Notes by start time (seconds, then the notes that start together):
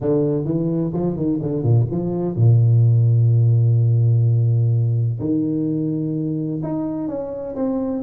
0.01 D3
0.44 E3
0.93 F3
1.16 D#3
1.42 D3
1.62 A#2
1.90 F3
2.35 A#2
5.19 D#3
6.62 D#4
7.07 C#4
7.55 C4